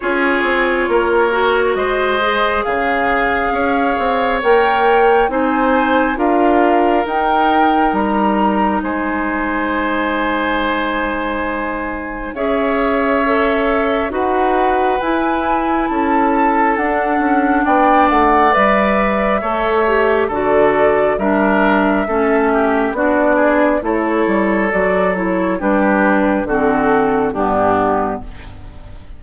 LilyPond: <<
  \new Staff \with { instrumentName = "flute" } { \time 4/4 \tempo 4 = 68 cis''2 dis''4 f''4~ | f''4 g''4 gis''4 f''4 | g''4 ais''4 gis''2~ | gis''2 e''2 |
fis''4 gis''4 a''4 fis''4 | g''8 fis''8 e''2 d''4 | e''2 d''4 cis''4 | d''8 cis''8 b'4 a'4 g'4 | }
  \new Staff \with { instrumentName = "oboe" } { \time 4/4 gis'4 ais'4 c''4 gis'4 | cis''2 c''4 ais'4~ | ais'2 c''2~ | c''2 cis''2 |
b'2 a'2 | d''2 cis''4 a'4 | ais'4 a'8 g'8 fis'8 gis'8 a'4~ | a'4 g'4 fis'4 d'4 | }
  \new Staff \with { instrumentName = "clarinet" } { \time 4/4 f'4. fis'4 gis'4.~ | gis'4 ais'4 dis'4 f'4 | dis'1~ | dis'2 gis'4 a'4 |
fis'4 e'2 d'4~ | d'4 b'4 a'8 g'8 fis'4 | d'4 cis'4 d'4 e'4 | fis'8 e'8 d'4 c'4 b4 | }
  \new Staff \with { instrumentName = "bassoon" } { \time 4/4 cis'8 c'8 ais4 gis4 cis4 | cis'8 c'8 ais4 c'4 d'4 | dis'4 g4 gis2~ | gis2 cis'2 |
dis'4 e'4 cis'4 d'8 cis'8 | b8 a8 g4 a4 d4 | g4 a4 b4 a8 g8 | fis4 g4 d4 g,4 | }
>>